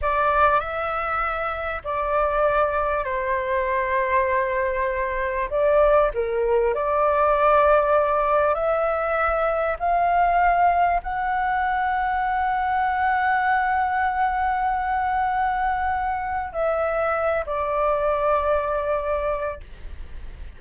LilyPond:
\new Staff \with { instrumentName = "flute" } { \time 4/4 \tempo 4 = 98 d''4 e''2 d''4~ | d''4 c''2.~ | c''4 d''4 ais'4 d''4~ | d''2 e''2 |
f''2 fis''2~ | fis''1~ | fis''2. e''4~ | e''8 d''2.~ d''8 | }